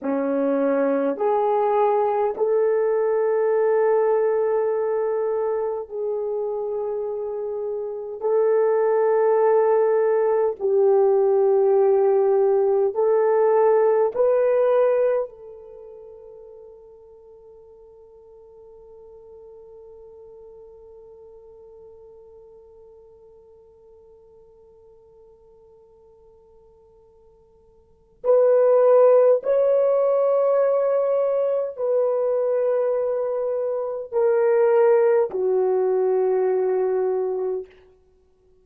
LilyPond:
\new Staff \with { instrumentName = "horn" } { \time 4/4 \tempo 4 = 51 cis'4 gis'4 a'2~ | a'4 gis'2 a'4~ | a'4 g'2 a'4 | b'4 a'2.~ |
a'1~ | a'1 | b'4 cis''2 b'4~ | b'4 ais'4 fis'2 | }